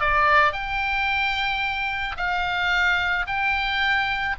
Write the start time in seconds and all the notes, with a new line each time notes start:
0.00 D5
0.53 G5
2.17 F5
3.27 G5